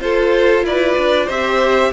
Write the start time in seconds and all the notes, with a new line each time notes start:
0.00 F4 A4 C5
0.63 E4 B4 D5
0.98 D4
1.26 C4 G4 C5 E5